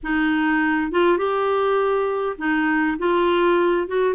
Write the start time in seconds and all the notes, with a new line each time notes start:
0.03 D#4
0.91 F4
1.17 G4
2.38 D#4
2.98 F4
3.87 F#4